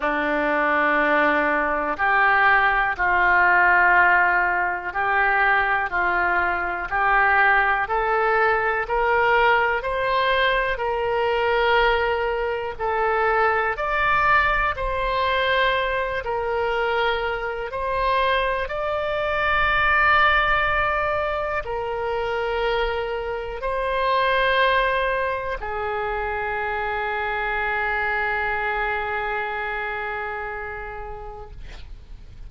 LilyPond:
\new Staff \with { instrumentName = "oboe" } { \time 4/4 \tempo 4 = 61 d'2 g'4 f'4~ | f'4 g'4 f'4 g'4 | a'4 ais'4 c''4 ais'4~ | ais'4 a'4 d''4 c''4~ |
c''8 ais'4. c''4 d''4~ | d''2 ais'2 | c''2 gis'2~ | gis'1 | }